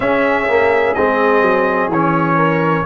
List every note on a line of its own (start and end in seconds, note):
0.00 0.47 C#4
0.00 0.95 C#4
0.00 2.36 G#4
0.00 0.94 E5
0.47 0.95 A#3
0.94 1.41 G#3
0.94 1.91 C4
0.94 1.89 D#5
1.41 1.88 F#3
1.88 2.83 E3
1.88 2.86 C#4
1.88 2.86 C#5
2.36 2.84 A#4